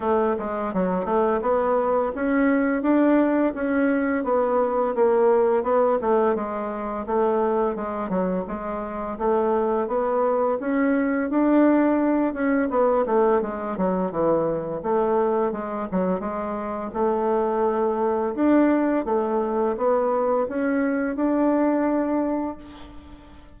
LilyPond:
\new Staff \with { instrumentName = "bassoon" } { \time 4/4 \tempo 4 = 85 a8 gis8 fis8 a8 b4 cis'4 | d'4 cis'4 b4 ais4 | b8 a8 gis4 a4 gis8 fis8 | gis4 a4 b4 cis'4 |
d'4. cis'8 b8 a8 gis8 fis8 | e4 a4 gis8 fis8 gis4 | a2 d'4 a4 | b4 cis'4 d'2 | }